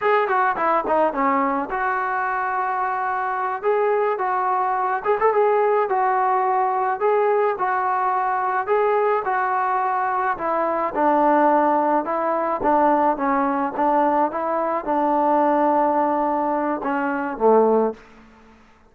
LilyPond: \new Staff \with { instrumentName = "trombone" } { \time 4/4 \tempo 4 = 107 gis'8 fis'8 e'8 dis'8 cis'4 fis'4~ | fis'2~ fis'8 gis'4 fis'8~ | fis'4 gis'16 a'16 gis'4 fis'4.~ | fis'8 gis'4 fis'2 gis'8~ |
gis'8 fis'2 e'4 d'8~ | d'4. e'4 d'4 cis'8~ | cis'8 d'4 e'4 d'4.~ | d'2 cis'4 a4 | }